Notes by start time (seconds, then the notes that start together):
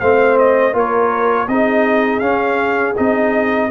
0.00 A3 C4 C5 F5
0.38 D#5
0.73 A#3 F4 A#4 C#5
1.48 C4 D#4 G#4 D#5
2.19 C#4 F5
2.96 C4 D#4 D#5